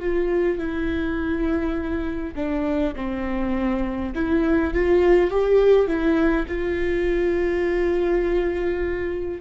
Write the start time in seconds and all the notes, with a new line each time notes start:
0.00 F4
0.58 E4
2.35 D4
2.96 C4
4.15 E4
4.74 F4
5.30 G4
5.87 E4
6.48 F4